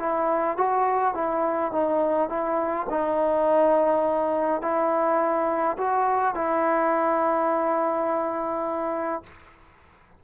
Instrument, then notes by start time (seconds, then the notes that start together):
trombone
0.00 E4
0.57 F#4
1.15 E4
1.72 D#4
2.29 E4
2.90 D#4
4.62 E4
5.78 F#4
6.35 E4